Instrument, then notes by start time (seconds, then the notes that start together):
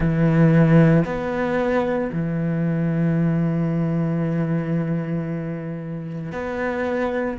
cello
0.00 E3
1.05 B3
2.12 E3
6.32 B3